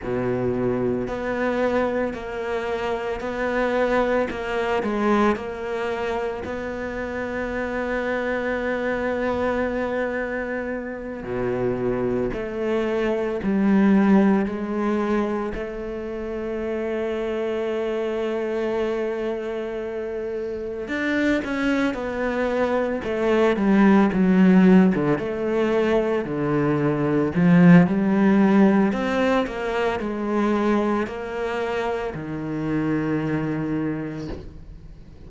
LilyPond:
\new Staff \with { instrumentName = "cello" } { \time 4/4 \tempo 4 = 56 b,4 b4 ais4 b4 | ais8 gis8 ais4 b2~ | b2~ b8 b,4 a8~ | a8 g4 gis4 a4.~ |
a2.~ a8 d'8 | cis'8 b4 a8 g8 fis8. d16 a8~ | a8 d4 f8 g4 c'8 ais8 | gis4 ais4 dis2 | }